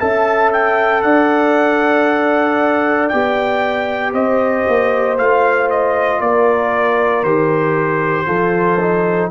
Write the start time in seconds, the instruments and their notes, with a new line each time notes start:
0.00 tuba C#4, trombone A4, horn E5, trumpet A5
0.53 trumpet G5
1.03 tuba D4, horn D5, trumpet F#5
3.09 tuba B3, trombone G4, trumpet G5
4.13 tuba C4, horn C5, trumpet D#5
4.68 tuba A#3
5.18 tuba A3, trombone F4, trumpet F5
5.70 trumpet D#5
6.20 tuba A#3, horn A#4, trumpet D5
7.23 tuba D#3, trombone G4, trumpet C5
8.27 tuba F3, trombone F4, horn A4
8.80 trombone D#4